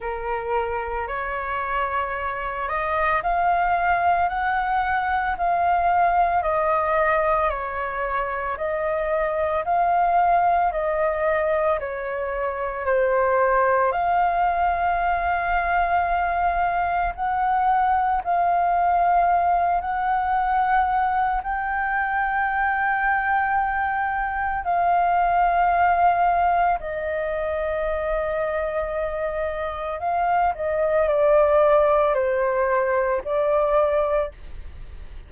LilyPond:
\new Staff \with { instrumentName = "flute" } { \time 4/4 \tempo 4 = 56 ais'4 cis''4. dis''8 f''4 | fis''4 f''4 dis''4 cis''4 | dis''4 f''4 dis''4 cis''4 | c''4 f''2. |
fis''4 f''4. fis''4. | g''2. f''4~ | f''4 dis''2. | f''8 dis''8 d''4 c''4 d''4 | }